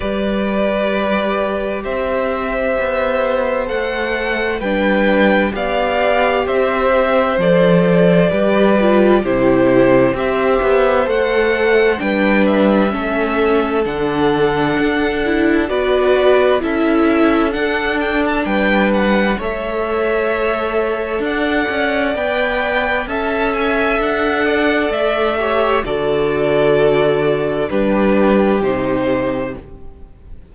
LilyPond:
<<
  \new Staff \with { instrumentName = "violin" } { \time 4/4 \tempo 4 = 65 d''2 e''2 | fis''4 g''4 f''4 e''4 | d''2 c''4 e''4 | fis''4 g''8 e''4. fis''4~ |
fis''4 d''4 e''4 fis''8 g''16 a''16 | g''8 fis''8 e''2 fis''4 | g''4 a''8 gis''8 fis''4 e''4 | d''2 b'4 c''4 | }
  \new Staff \with { instrumentName = "violin" } { \time 4/4 b'2 c''2~ | c''4 b'4 d''4 c''4~ | c''4 b'4 g'4 c''4~ | c''4 b'4 a'2~ |
a'4 b'4 a'2 | b'4 cis''2 d''4~ | d''4 e''4. d''4 cis''8 | a'2 g'2 | }
  \new Staff \with { instrumentName = "viola" } { \time 4/4 g'1 | a'4 d'4 g'2 | a'4 g'8 f'8 e'4 g'4 | a'4 d'4 cis'4 d'4~ |
d'8 e'8 fis'4 e'4 d'4~ | d'4 a'2. | b'4 a'2~ a'8 g'8 | fis'2 d'4 dis'4 | }
  \new Staff \with { instrumentName = "cello" } { \time 4/4 g2 c'4 b4 | a4 g4 b4 c'4 | f4 g4 c4 c'8 b8 | a4 g4 a4 d4 |
d'4 b4 cis'4 d'4 | g4 a2 d'8 cis'8 | b4 cis'4 d'4 a4 | d2 g4 c4 | }
>>